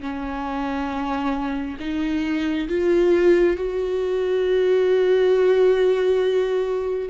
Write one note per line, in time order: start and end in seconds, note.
0.00 1.76 C#4
1.79 2.68 D#4
2.68 3.56 F4
3.56 7.09 F#4